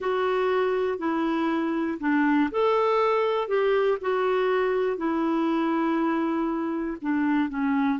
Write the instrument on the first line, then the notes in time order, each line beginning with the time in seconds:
clarinet
0.00 F#4
0.98 E4
2.00 D4
2.51 A4
3.48 G4
4.00 F#4
4.97 E4
7.01 D4
7.49 C#4